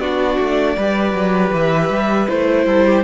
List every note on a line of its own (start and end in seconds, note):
0.00 0.38 B3
0.00 0.78 D4
0.00 0.77 F#4
0.00 1.52 D5
0.39 0.77 A3
0.77 1.13 G3
0.77 2.29 G4
0.77 2.66 B4
1.13 1.51 F#3
1.53 1.90 E3
1.53 2.28 E5
1.90 2.28 G3
2.28 2.67 A3
2.28 3.04 E4
2.28 3.04 C5
2.66 3.04 G3
2.66 2.85 A4
2.86 3.04 G4